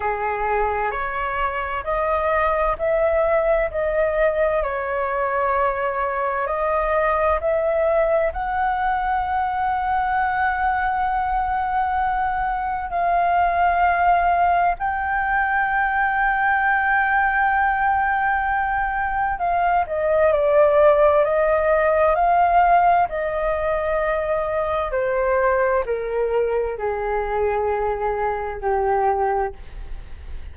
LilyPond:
\new Staff \with { instrumentName = "flute" } { \time 4/4 \tempo 4 = 65 gis'4 cis''4 dis''4 e''4 | dis''4 cis''2 dis''4 | e''4 fis''2.~ | fis''2 f''2 |
g''1~ | g''4 f''8 dis''8 d''4 dis''4 | f''4 dis''2 c''4 | ais'4 gis'2 g'4 | }